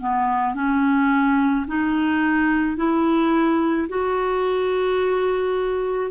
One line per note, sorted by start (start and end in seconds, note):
0.00 0.55 B3
0.55 1.66 C#4
1.68 2.77 D#4
2.77 3.88 E4
3.89 6.11 F#4